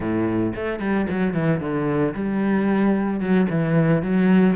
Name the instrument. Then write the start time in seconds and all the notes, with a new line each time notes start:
cello
0.00 A2
0.55 A3
0.79 G3
1.09 F#3
1.33 E3
1.60 D3
2.14 G3
3.20 F#3
3.49 E3
4.02 F#3